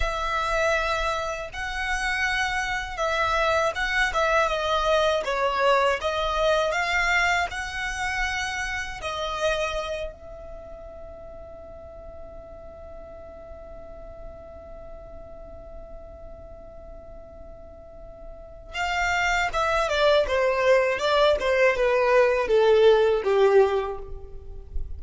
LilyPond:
\new Staff \with { instrumentName = "violin" } { \time 4/4 \tempo 4 = 80 e''2 fis''2 | e''4 fis''8 e''8 dis''4 cis''4 | dis''4 f''4 fis''2 | dis''4. e''2~ e''8~ |
e''1~ | e''1~ | e''4 f''4 e''8 d''8 c''4 | d''8 c''8 b'4 a'4 g'4 | }